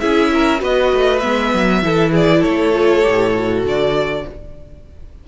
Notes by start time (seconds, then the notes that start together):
0.00 C#4 E4 G#4 E5
0.34 A#4
0.59 B3 F#4 B4 D#5
0.93 A3
1.20 G#3 B3 E5
1.54 F#3
1.82 E3 E4 A4
2.12 G#4 D5
2.40 A3 A4 C#5
2.73 F4
3.02 A2 G4
3.34 F#4
3.64 D3 D5